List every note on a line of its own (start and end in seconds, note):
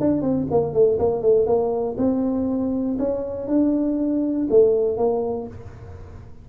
0.00 0.21 D4
0.21 0.46 C4
0.51 0.73 A#3
0.73 0.98 A3
0.99 1.22 A#3
1.22 1.46 A3
1.46 1.96 A#3
1.97 2.97 C4
2.99 3.47 C#4
3.47 4.47 D4
4.50 4.97 A3
4.97 5.47 A#3